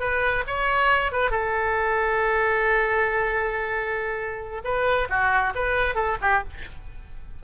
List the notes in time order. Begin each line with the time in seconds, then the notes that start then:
0.00 B4
0.47 C#5
1.12 B4
1.31 A4
4.64 B4
5.10 F#4
5.55 B4
5.95 A4
6.21 G4